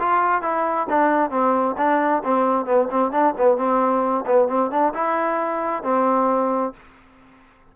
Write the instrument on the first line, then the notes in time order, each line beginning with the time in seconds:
trombone
0.00 F4
0.42 E4
0.90 D4
1.31 C4
1.78 D4
2.25 C4
2.66 B3
2.91 C4
3.12 D4
3.38 B3
3.58 C4
4.27 B3
4.49 C4
4.71 D4
4.95 E4
5.84 C4